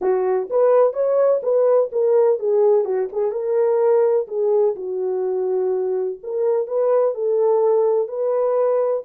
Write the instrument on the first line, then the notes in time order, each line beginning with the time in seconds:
horn
0.01 F#4
0.50 B4
0.93 C#5
1.42 B4
1.92 A#4
2.39 G#4
2.84 F#4
3.12 G#4
3.31 A#4
4.27 G#4
4.75 F#4
6.23 A#4
6.67 B4
7.14 A4
8.07 B4